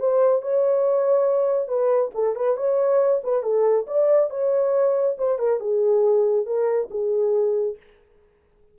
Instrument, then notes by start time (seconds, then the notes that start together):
horn
0.00 C5
0.42 C#5
1.69 B4
2.15 A4
2.36 B4
2.57 C#5
3.24 B4
3.43 A4
3.87 D5
4.30 C#5
5.18 C5
5.39 A#4
5.60 G#4
6.46 A#4
6.91 G#4